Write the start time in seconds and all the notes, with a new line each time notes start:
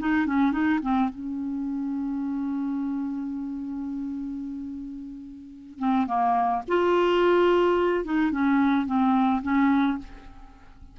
0.00 D#4
0.27 C#4
0.52 D#4
0.83 C4
1.10 C#4
5.79 C4
6.07 A#3
6.68 F4
8.05 D#4
8.32 C#4
8.87 C4
9.43 C#4